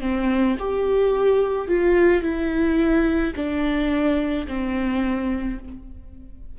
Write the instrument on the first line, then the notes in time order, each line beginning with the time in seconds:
viola
0.00 C4
0.59 G4
1.68 F4
2.22 E4
3.35 D4
4.47 C4